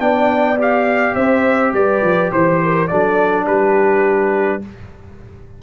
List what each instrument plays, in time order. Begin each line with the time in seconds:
0.00 tuba B3, trombone D4, horn D5, trumpet G5
0.58 trombone G4, trumpet F5
1.15 tuba C4, horn C5, trumpet E5
1.73 tuba G3, horn B4, trumpet D5
2.03 tuba F3
2.33 tuba E3, trumpet C5, horn C5
2.64 horn A#4
2.88 tuba F#3, trombone D4, horn A4, trumpet D5
3.46 tuba G3, horn G4, trumpet B4